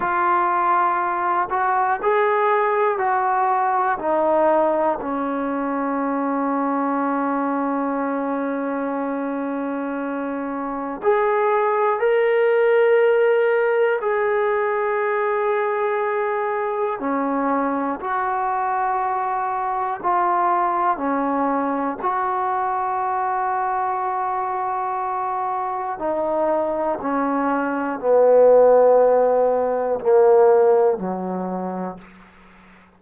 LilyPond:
\new Staff \with { instrumentName = "trombone" } { \time 4/4 \tempo 4 = 60 f'4. fis'8 gis'4 fis'4 | dis'4 cis'2.~ | cis'2. gis'4 | ais'2 gis'2~ |
gis'4 cis'4 fis'2 | f'4 cis'4 fis'2~ | fis'2 dis'4 cis'4 | b2 ais4 fis4 | }